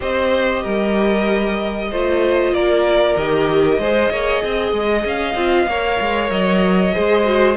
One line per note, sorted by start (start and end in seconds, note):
0.00 0.64 C4
0.00 1.89 G4
0.00 0.62 C5
0.00 2.54 D#5
0.62 1.91 G3
0.62 1.89 A#4
1.90 2.52 A3
1.90 3.17 F4
1.90 2.53 C5
2.52 3.15 A#3
2.52 3.79 A#4
2.52 3.17 D5
3.16 3.78 D#3
3.16 3.81 G4
3.16 5.06 D#5
3.78 4.10 G#3
3.78 5.36 G#4
3.78 4.11 C5
4.10 4.41 A#3
4.10 4.42 C#5
4.43 4.72 C4
4.43 5.69 D#5
4.72 5.04 G#3
5.04 5.34 C#4
5.04 6.31 F5
5.34 5.66 C4
5.34 5.67 F4
5.66 5.97 A#3
5.66 6.92 A#4
5.66 6.94 C#5
6.00 6.30 G#3
6.30 6.93 F#3
6.30 7.57 D#5
6.92 7.57 G#3
6.92 7.23 G#4
6.92 7.57 C5
7.24 7.55 F#4